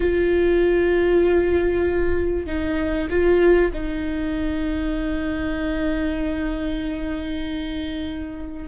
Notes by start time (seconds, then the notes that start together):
0.00 F4
2.46 D#4
3.09 F4
3.73 D#4